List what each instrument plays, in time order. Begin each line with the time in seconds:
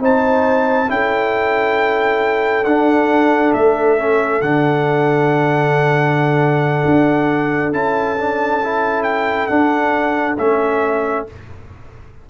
0.00 tuba C4, trombone D#4, horn C5, trumpet A5
0.88 tuba C#4, trombone E4, horn A4, trumpet G5
2.65 tuba D4, trombone D4, trumpet F#5
3.54 tuba A3, trumpet E5
3.99 trombone C#4
4.42 tuba D3, trombone D4, trumpet F#5
6.86 tuba D4
7.72 tuba C#4, trombone E4, trumpet A5
8.18 trombone D4
8.64 trombone E4
9.04 trumpet G5
9.47 trombone D4, tuba D4, trumpet F#5
10.38 tuba A3, trombone C#4, trumpet E5